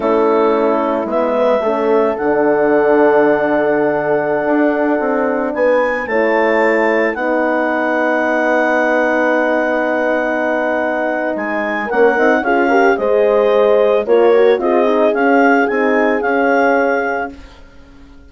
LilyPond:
<<
  \new Staff \with { instrumentName = "clarinet" } { \time 4/4 \tempo 4 = 111 a'2 e''2 | fis''1~ | fis''2~ fis''16 gis''4 a''8.~ | a''4~ a''16 fis''2~ fis''8.~ |
fis''1~ | fis''4 gis''4 fis''4 f''4 | dis''2 cis''4 dis''4 | f''4 gis''4 f''2 | }
  \new Staff \with { instrumentName = "horn" } { \time 4/4 e'2~ e'8 b'8 a'4~ | a'1~ | a'2~ a'16 b'4 cis''8.~ | cis''4~ cis''16 b'2~ b'8.~ |
b'1~ | b'2 ais'4 gis'8 ais'8 | c''2 ais'4 gis'4~ | gis'1 | }
  \new Staff \with { instrumentName = "horn" } { \time 4/4 cis'2 b4 cis'4 | d'1~ | d'2.~ d'16 e'8.~ | e'4~ e'16 dis'2~ dis'8.~ |
dis'1~ | dis'2 cis'8 dis'8 f'8 g'8 | gis'2 f'8 fis'8 f'8 dis'8 | cis'4 dis'4 cis'2 | }
  \new Staff \with { instrumentName = "bassoon" } { \time 4/4 a2 gis4 a4 | d1~ | d16 d'4 c'4 b4 a8.~ | a4~ a16 b2~ b8.~ |
b1~ | b4 gis4 ais8 c'8 cis'4 | gis2 ais4 c'4 | cis'4 c'4 cis'2 | }
>>